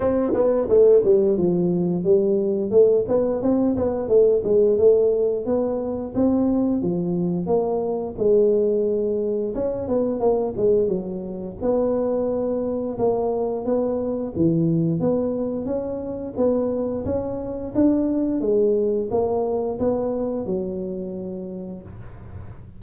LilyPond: \new Staff \with { instrumentName = "tuba" } { \time 4/4 \tempo 4 = 88 c'8 b8 a8 g8 f4 g4 | a8 b8 c'8 b8 a8 gis8 a4 | b4 c'4 f4 ais4 | gis2 cis'8 b8 ais8 gis8 |
fis4 b2 ais4 | b4 e4 b4 cis'4 | b4 cis'4 d'4 gis4 | ais4 b4 fis2 | }